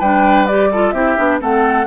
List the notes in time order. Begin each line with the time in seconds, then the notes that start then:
0.00 G3 D4 B4 G5
0.47 G4 D5
0.72 F4 A4
0.91 C4 E4 G4 E5
1.18 B3 D4
1.40 A3 C4 A4 F#5